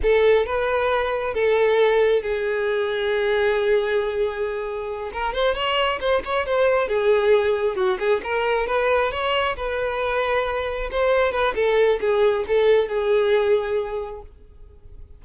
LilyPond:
\new Staff \with { instrumentName = "violin" } { \time 4/4 \tempo 4 = 135 a'4 b'2 a'4~ | a'4 gis'2.~ | gis'2.~ gis'8 ais'8 | c''8 cis''4 c''8 cis''8 c''4 gis'8~ |
gis'4. fis'8 gis'8 ais'4 b'8~ | b'8 cis''4 b'2~ b'8~ | b'8 c''4 b'8 a'4 gis'4 | a'4 gis'2. | }